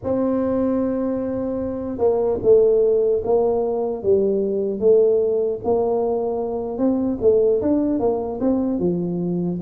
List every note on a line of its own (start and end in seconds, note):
0.03 1.98 C4
1.98 2.38 A#3
2.42 3.22 A3
3.24 4.02 A#3
4.02 4.79 G3
4.79 5.59 A3
5.64 6.78 A#3
6.78 7.18 C4
7.21 7.61 A3
7.61 7.99 D4
7.99 8.39 A#3
8.40 8.79 C4
8.79 9.59 F3